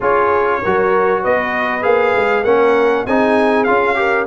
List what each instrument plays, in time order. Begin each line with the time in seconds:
0.00 tuba C#4, trombone F4, horn G#4, trumpet C#5
0.62 tuba F#3, trombone F#4, horn A#4
1.22 tuba B3, horn B4, trumpet D#5
1.81 tuba A#3, trombone G#4, trumpet F5
2.15 tuba G#3
2.44 tuba A#3, trombone C#4, horn A#4, trumpet F#5
3.05 tuba C4, trombone D#4, horn G#4, trumpet G#5
3.64 tuba C#4, trombone F4, trumpet F5
3.95 trombone G4, horn A#4